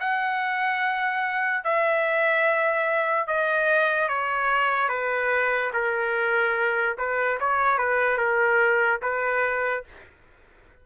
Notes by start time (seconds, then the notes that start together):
0.00 F#5
1.64 E5
3.27 D#5
4.08 C#5
4.89 B4
5.73 A#4
6.98 B4
7.40 C#5
7.78 B4
8.18 A#4
9.02 B4